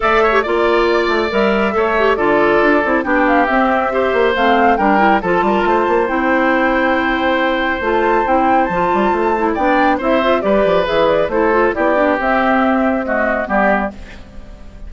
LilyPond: <<
  \new Staff \with { instrumentName = "flute" } { \time 4/4 \tempo 4 = 138 e''4 d''2 e''4~ | e''4 d''2 g''8 f''8 | e''2 f''4 g''4 | a''2 g''2~ |
g''2 a''4 g''4 | a''2 g''4 e''4 | d''4 e''8 d''8 c''4 d''4 | e''2 dis''4 d''4 | }
  \new Staff \with { instrumentName = "oboe" } { \time 4/4 d''8 cis''8 d''2. | cis''4 a'2 g'4~ | g'4 c''2 ais'4 | a'8 ais'8 c''2.~ |
c''1~ | c''2 d''4 c''4 | b'2 a'4 g'4~ | g'2 fis'4 g'4 | }
  \new Staff \with { instrumentName = "clarinet" } { \time 4/4 a'8. g'16 f'2 ais'4 | a'8 g'8 f'4. e'8 d'4 | c'4 g'4 c'4 d'8 e'8 | f'2 e'2~ |
e'2 f'4 e'4 | f'4. e'8 d'4 e'8 f'8 | g'4 gis'4 e'8 f'8 e'8 d'8 | c'2 a4 b4 | }
  \new Staff \with { instrumentName = "bassoon" } { \time 4/4 a4 ais4. a8 g4 | a4 d4 d'8 c'8 b4 | c'4. ais8 a4 g4 | f8 g8 a8 ais8 c'2~ |
c'2 a4 c'4 | f8 g8 a4 b4 c'4 | g8 f8 e4 a4 b4 | c'2. g4 | }
>>